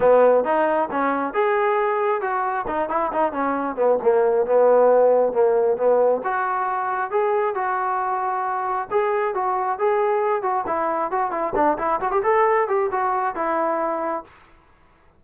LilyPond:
\new Staff \with { instrumentName = "trombone" } { \time 4/4 \tempo 4 = 135 b4 dis'4 cis'4 gis'4~ | gis'4 fis'4 dis'8 e'8 dis'8 cis'8~ | cis'8 b8 ais4 b2 | ais4 b4 fis'2 |
gis'4 fis'2. | gis'4 fis'4 gis'4. fis'8 | e'4 fis'8 e'8 d'8 e'8 fis'16 g'16 a'8~ | a'8 g'8 fis'4 e'2 | }